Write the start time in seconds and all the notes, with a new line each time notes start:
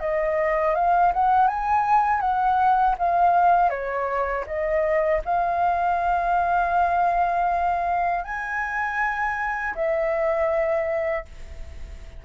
0.00 D#5
0.75 F5
1.14 F#5
1.48 G#5
2.21 F#5
2.99 F5
3.70 C#5
4.47 D#5
5.25 F5
8.24 G#5
9.75 E5